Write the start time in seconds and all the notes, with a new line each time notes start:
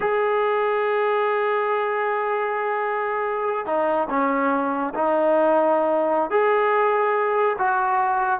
0.00 G#4
3.65 D#4
4.09 C#4
4.94 D#4
6.30 G#4
7.58 F#4